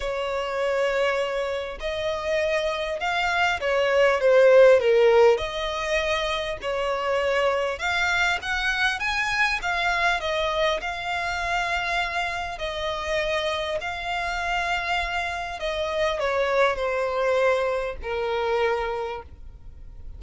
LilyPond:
\new Staff \with { instrumentName = "violin" } { \time 4/4 \tempo 4 = 100 cis''2. dis''4~ | dis''4 f''4 cis''4 c''4 | ais'4 dis''2 cis''4~ | cis''4 f''4 fis''4 gis''4 |
f''4 dis''4 f''2~ | f''4 dis''2 f''4~ | f''2 dis''4 cis''4 | c''2 ais'2 | }